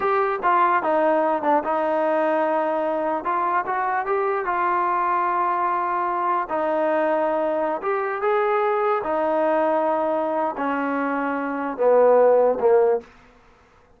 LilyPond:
\new Staff \with { instrumentName = "trombone" } { \time 4/4 \tempo 4 = 148 g'4 f'4 dis'4. d'8 | dis'1 | f'4 fis'4 g'4 f'4~ | f'1 |
dis'2.~ dis'16 g'8.~ | g'16 gis'2 dis'4.~ dis'16~ | dis'2 cis'2~ | cis'4 b2 ais4 | }